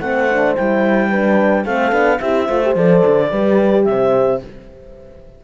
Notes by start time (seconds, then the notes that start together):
0.00 A3 C4 C5 F#5
0.30 D4
0.56 G3 E4 G5
1.10 D4 B4
1.64 A3 C4 A4 F5
1.92 B3 D4
2.20 C4 E4 G4 E5
2.47 A3 F4 C5
2.64 G4
2.76 F3 A4 D5
3.06 D3
3.31 G3 G4 B4
3.85 C3 C5 E5